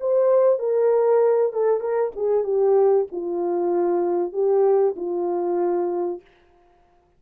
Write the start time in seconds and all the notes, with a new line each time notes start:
0.00 C5
0.59 A#4
1.53 A4
1.80 A#4
2.16 G#4
2.44 G4
3.12 F4
4.32 G4
4.96 F4